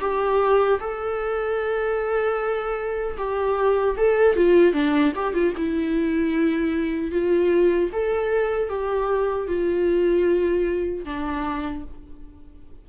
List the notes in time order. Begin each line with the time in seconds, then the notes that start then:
0.00 G4
0.80 A4
3.17 G4
3.97 A4
4.36 F4
4.73 D4
5.15 G4
5.33 F4
5.57 E4
7.11 F4
7.92 A4
8.69 G4
9.47 F4
11.05 D4